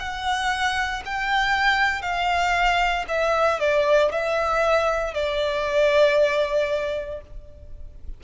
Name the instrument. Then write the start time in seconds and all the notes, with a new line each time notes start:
violin
0.00 F#5
1.06 G5
2.02 F5
3.09 E5
3.60 D5
4.12 E5
5.14 D5